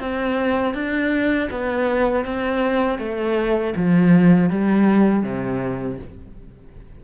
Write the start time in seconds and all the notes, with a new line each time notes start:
0.00 C4
0.74 D4
1.51 B3
2.25 C4
2.99 A3
3.77 F3
4.50 G3
5.23 C3